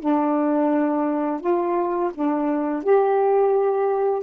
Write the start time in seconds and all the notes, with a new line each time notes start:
0.00 D4
1.40 F4
2.14 D4
2.83 G4